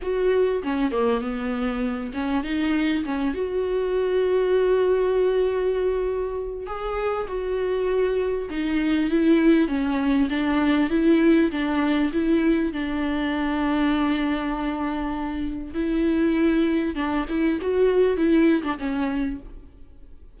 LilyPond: \new Staff \with { instrumentName = "viola" } { \time 4/4 \tempo 4 = 99 fis'4 cis'8 ais8 b4. cis'8 | dis'4 cis'8 fis'2~ fis'8~ | fis'2. gis'4 | fis'2 dis'4 e'4 |
cis'4 d'4 e'4 d'4 | e'4 d'2.~ | d'2 e'2 | d'8 e'8 fis'4 e'8. d'16 cis'4 | }